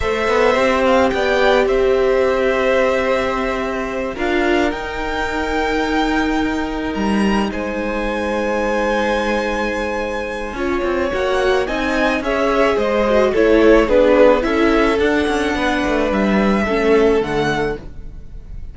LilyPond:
<<
  \new Staff \with { instrumentName = "violin" } { \time 4/4 \tempo 4 = 108 e''4. f''8 g''4 e''4~ | e''2.~ e''8 f''8~ | f''8 g''2.~ g''8~ | g''8 ais''4 gis''2~ gis''8~ |
gis''1 | fis''4 gis''4 e''4 dis''4 | cis''4 b'4 e''4 fis''4~ | fis''4 e''2 fis''4 | }
  \new Staff \with { instrumentName = "violin" } { \time 4/4 c''2 d''4 c''4~ | c''2.~ c''8 ais'8~ | ais'1~ | ais'4. c''2~ c''8~ |
c''2. cis''4~ | cis''4 dis''4 cis''4 c''4 | a'4 gis'4 a'2 | b'2 a'2 | }
  \new Staff \with { instrumentName = "viola" } { \time 4/4 a'4 g'2.~ | g'2.~ g'8 f'8~ | f'8 dis'2.~ dis'8~ | dis'1~ |
dis'2. f'4 | fis'4 dis'4 gis'4. fis'8 | e'4 d'4 e'4 d'4~ | d'2 cis'4 a4 | }
  \new Staff \with { instrumentName = "cello" } { \time 4/4 a8 b8 c'4 b4 c'4~ | c'2.~ c'8 d'8~ | d'8 dis'2.~ dis'8~ | dis'8 g4 gis2~ gis8~ |
gis2. cis'8 c'8 | ais4 c'4 cis'4 gis4 | a4 b4 cis'4 d'8 cis'8 | b8 a8 g4 a4 d4 | }
>>